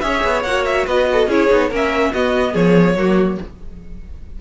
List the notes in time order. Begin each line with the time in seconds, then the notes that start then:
0.00 C#4 G#4 C#5 E5
0.23 B3
0.43 A#3 F#4 F#5
0.65 E5
0.86 B3 B4 D#5
1.12 A4
1.27 C#4 E4 G#4 C#5
1.49 B3 D#4
1.69 A#3 C#4 A#4
1.75 E5
2.13 B3 F#4 D#5
2.52 F3 G#4 C#5
2.95 F#3 A#3 F#4